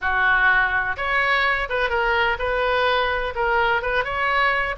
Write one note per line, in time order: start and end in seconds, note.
0.01 0.96 F#4
0.97 1.68 C#5
1.69 1.89 B4
1.89 2.37 A#4
2.38 3.34 B4
3.35 3.82 A#4
3.82 4.04 B4
4.04 4.75 C#5